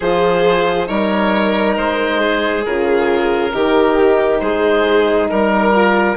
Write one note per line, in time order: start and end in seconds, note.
0.00 0.89 F3
0.00 0.86 F4
0.00 0.87 G#4
0.00 0.87 C5
0.86 1.77 G3
0.86 2.63 D#4
0.86 2.20 A#4
0.86 1.75 C#5
1.76 2.65 G#3
1.76 2.65 C5
2.20 3.52 G#4
2.65 3.52 C#3
2.65 3.51 F4
2.65 4.39 A#4
3.51 4.41 D#3
3.51 5.72 D#4
3.51 4.41 G4
4.39 5.29 G#3
4.39 5.30 G#4
4.39 5.27 C5
5.29 6.16 G3
5.29 6.16 A#4
5.72 6.16 F4